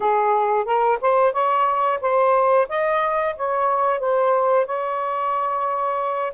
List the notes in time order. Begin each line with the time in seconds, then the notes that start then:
0.00 G#4
0.65 A#4
1.01 C5
1.32 C#5
2.01 C5
2.68 D#5
3.36 C#5
3.99 C5
4.66 C#5